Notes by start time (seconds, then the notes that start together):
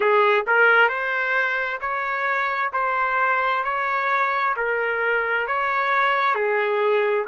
0.00 G#4
0.46 A#4
0.88 C5
1.80 C#5
2.73 C5
3.64 C#5
4.56 A#4
5.47 C#5
6.34 G#4